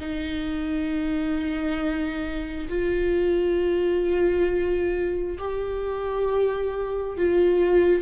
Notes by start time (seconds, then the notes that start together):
0.00 D#4
2.69 F4
5.39 G4
7.18 F4